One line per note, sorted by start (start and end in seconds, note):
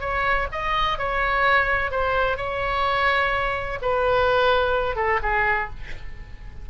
0.00 0.47 C#5
0.52 0.98 D#5
0.98 1.91 C#5
1.91 2.37 C5
2.37 3.79 C#5
3.82 4.96 B4
4.96 5.19 A4
5.22 5.70 G#4